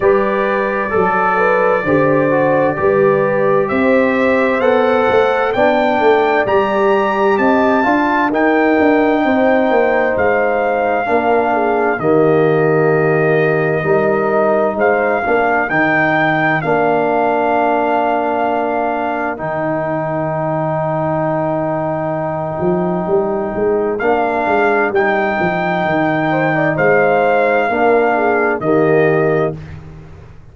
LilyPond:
<<
  \new Staff \with { instrumentName = "trumpet" } { \time 4/4 \tempo 4 = 65 d''1 | e''4 fis''4 g''4 ais''4 | a''4 g''2 f''4~ | f''4 dis''2. |
f''4 g''4 f''2~ | f''4 g''2.~ | g''2 f''4 g''4~ | g''4 f''2 dis''4 | }
  \new Staff \with { instrumentName = "horn" } { \time 4/4 b'4 a'8 b'8 c''4 b'4 | c''2 d''2 | dis''8 f''8 ais'4 c''2 | ais'8 gis'8 g'2 ais'4 |
c''8 ais'2.~ ais'8~ | ais'1~ | ais'1~ | ais'8 c''16 d''16 c''4 ais'8 gis'8 g'4 | }
  \new Staff \with { instrumentName = "trombone" } { \time 4/4 g'4 a'4 g'8 fis'8 g'4~ | g'4 a'4 d'4 g'4~ | g'8 f'8 dis'2. | d'4 ais2 dis'4~ |
dis'8 d'8 dis'4 d'2~ | d'4 dis'2.~ | dis'2 d'4 dis'4~ | dis'2 d'4 ais4 | }
  \new Staff \with { instrumentName = "tuba" } { \time 4/4 g4 fis4 d4 g4 | c'4 b8 a8 b8 a8 g4 | c'8 d'8 dis'8 d'8 c'8 ais8 gis4 | ais4 dis2 g4 |
gis8 ais8 dis4 ais2~ | ais4 dis2.~ | dis8 f8 g8 gis8 ais8 gis8 g8 f8 | dis4 gis4 ais4 dis4 | }
>>